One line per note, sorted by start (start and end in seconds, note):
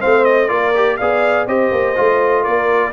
0.00 0.51 A3
0.00 0.48 C4
0.00 0.49 C5
0.00 0.24 F5
0.24 0.49 D#5
0.48 1.00 A#3
0.48 0.72 F4
0.48 0.98 A#4
0.48 0.97 D5
0.75 0.99 G4
0.97 1.47 B3
0.97 1.47 G#4
0.97 1.47 D5
0.97 1.46 F5
1.47 1.71 C4
1.47 1.95 G4
1.47 2.43 C5
1.47 2.44 D#5
1.71 1.96 A#3
1.95 2.46 A3
1.95 2.92 F4
2.43 2.92 A#3
2.43 2.91 A#4
2.43 2.92 D5